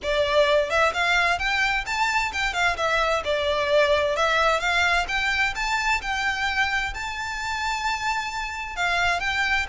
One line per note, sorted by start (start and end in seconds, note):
0.03 0.69 D5
0.69 0.93 E5
0.93 1.38 F5
1.38 1.84 G5
1.85 2.32 A5
2.32 2.53 G5
2.53 2.76 F5
2.76 3.22 E5
3.24 4.16 D5
4.16 4.60 E5
4.60 5.06 F5
5.07 5.54 G5
5.55 6.01 A5
6.01 6.93 G5
6.94 8.76 A5
8.76 9.20 F5
9.20 9.66 G5